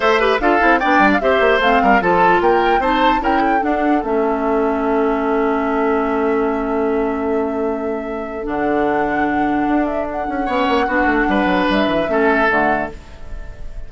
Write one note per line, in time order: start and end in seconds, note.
0.00 0.38 A3
0.00 0.18 A4
0.00 0.20 C5
0.00 0.39 E5
0.19 0.39 G4
0.19 0.40 B4
0.39 0.60 D4
0.39 0.59 F4
0.39 0.79 A4
0.39 0.79 F5
0.59 0.83 C4
0.59 0.79 E4
0.79 0.98 B3
0.79 1.20 D4
0.79 1.20 D5
0.79 1.09 G5
0.98 1.19 G3
1.12 1.20 F5
1.20 1.40 C4
1.20 1.60 G4
1.20 1.82 C5
1.20 1.61 E5
1.40 1.59 A#3
1.59 1.79 A3
1.59 2.01 C4
1.59 2.01 F5
1.82 2.01 G3
1.82 2.01 A#4
2.01 2.40 F3
2.01 2.80 F4
2.01 2.42 A4
2.01 2.41 A5
2.40 2.78 A#3
2.40 2.80 A#4
2.40 2.82 G5
2.78 3.19 C4
2.78 3.19 D#4
2.78 3.21 C5
2.78 3.22 A5
3.19 3.61 C#4
3.19 3.59 E4
3.19 3.41 A#4
3.19 3.63 G5
3.41 10.45 A4
3.60 4.00 D4
3.60 4.03 D4
3.60 4.03 F#5
4.03 8.46 A3
4.03 8.43 C#4
4.03 8.46 E5
8.43 9.67 D3
8.43 10.44 D4
8.43 9.86 F#5
9.67 10.28 D4
9.86 10.06 E5
10.11 11.69 F#5
10.28 10.47 C#4
10.45 10.67 B3
10.45 10.87 C#4
10.45 10.86 C#5
10.67 10.87 A#3
10.86 11.05 B3
10.86 12.07 D4
10.86 11.26 F#4
11.05 11.25 A3
11.28 11.45 G3
11.28 12.10 B4
11.45 11.65 F#3
11.69 11.86 G3
11.69 12.49 E5
11.86 12.06 E3
12.07 12.48 A3
12.07 12.47 C#4
12.07 12.92 A4
12.49 12.90 D3
12.49 12.89 A3
12.49 12.89 F#5